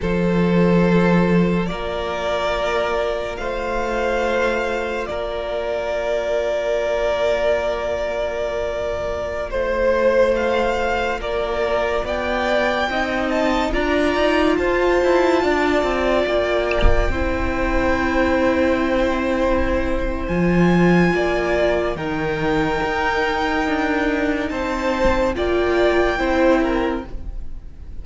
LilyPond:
<<
  \new Staff \with { instrumentName = "violin" } { \time 4/4 \tempo 4 = 71 c''2 d''2 | f''2 d''2~ | d''2.~ d''16 c''8.~ | c''16 f''4 d''4 g''4. a''16~ |
a''16 ais''4 a''2 g''8.~ | g''1 | gis''2 g''2~ | g''4 a''4 g''2 | }
  \new Staff \with { instrumentName = "violin" } { \time 4/4 a'2 ais'2 | c''2 ais'2~ | ais'2.~ ais'16 c''8.~ | c''4~ c''16 ais'4 d''4 dis''8.~ |
dis''16 d''4 c''4 d''4.~ d''16~ | d''16 c''2.~ c''8.~ | c''4 d''4 ais'2~ | ais'4 c''4 d''4 c''8 ais'8 | }
  \new Staff \with { instrumentName = "viola" } { \time 4/4 f'1~ | f'1~ | f'1~ | f'2.~ f'16 dis'8.~ |
dis'16 f'2.~ f'8.~ | f'16 e'2.~ e'8. | f'2 dis'2~ | dis'2 f'4 e'4 | }
  \new Staff \with { instrumentName = "cello" } { \time 4/4 f2 ais2 | a2 ais2~ | ais2.~ ais16 a8.~ | a4~ a16 ais4 b4 c'8.~ |
c'16 d'8 dis'8 f'8 e'8 d'8 c'8 ais8.~ | ais16 c'2.~ c'8. | f4 ais4 dis4 dis'4 | d'4 c'4 ais4 c'4 | }
>>